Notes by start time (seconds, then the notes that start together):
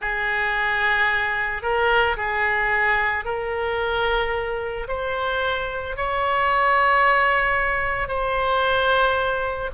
0.01 G#4
1.62 A#4
2.16 G#4
3.25 A#4
4.88 C5
5.96 C#5
8.08 C5